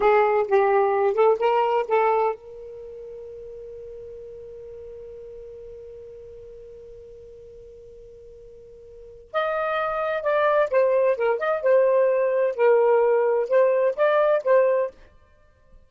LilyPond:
\new Staff \with { instrumentName = "saxophone" } { \time 4/4 \tempo 4 = 129 gis'4 g'4. a'8 ais'4 | a'4 ais'2.~ | ais'1~ | ais'1~ |
ais'1 | dis''2 d''4 c''4 | ais'8 dis''8 c''2 ais'4~ | ais'4 c''4 d''4 c''4 | }